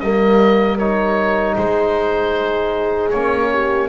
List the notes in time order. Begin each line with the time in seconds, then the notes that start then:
0.00 G3 A#3 A#4 D#5
0.78 D#4 C#5
1.56 G#3 G#4 C5
3.10 A#3 C#4 C#5
3.52 G4